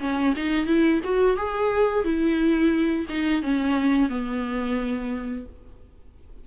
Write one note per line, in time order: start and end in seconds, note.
0.00 0.34 C#4
0.36 0.67 D#4
0.67 1.01 E4
1.04 1.37 F#4
1.37 2.05 G#4
2.05 3.07 E4
3.09 3.42 D#4
3.42 4.09 C#4
4.09 5.46 B3